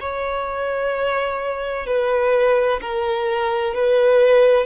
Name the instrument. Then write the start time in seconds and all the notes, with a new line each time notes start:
violin
0.00 C#5
1.87 B4
2.81 A#4
3.75 B4